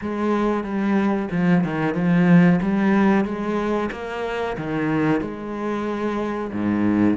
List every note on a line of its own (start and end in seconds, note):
0.01 0.63 G#3
0.63 1.28 G3
1.31 1.63 F3
1.64 1.94 D#3
1.94 2.59 F3
2.61 3.24 G3
3.24 3.90 G#3
3.91 4.56 A#3
4.57 5.20 D#3
5.20 6.51 G#3
6.52 7.17 G#2